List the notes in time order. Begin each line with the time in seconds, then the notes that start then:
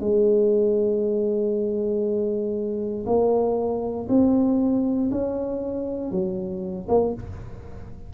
0.00 G#3
3.06 A#3
4.09 C4
5.12 C#4
6.12 F#3
6.88 A#3